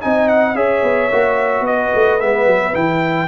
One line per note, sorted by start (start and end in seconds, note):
0.00 0.54 C4
0.00 0.55 D#4
0.00 0.56 D#5
0.00 0.28 G#5
0.28 0.55 F#5
0.54 0.82 C#4
0.54 1.10 G#4
0.54 1.66 C#5
0.54 1.66 E5
0.83 1.10 B3
1.11 1.60 A#3
1.11 2.20 F#4
1.60 1.88 B3
1.60 3.28 B4
1.60 2.20 D#5
1.94 2.21 A3
2.20 2.46 G#3
2.20 2.72 B3
2.20 2.75 E5
2.46 2.74 F#3
2.72 3.28 E3
2.72 3.27 E4
2.72 3.28 G5